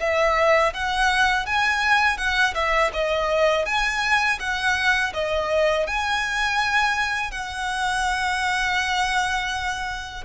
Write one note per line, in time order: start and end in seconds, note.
0.00 0.73 E5
0.74 1.46 F#5
1.46 2.18 G#5
2.18 2.54 F#5
2.54 2.91 E5
2.93 3.66 D#5
3.66 4.39 G#5
4.39 5.13 F#5
5.14 5.87 D#5
5.87 7.31 G#5
7.31 10.24 F#5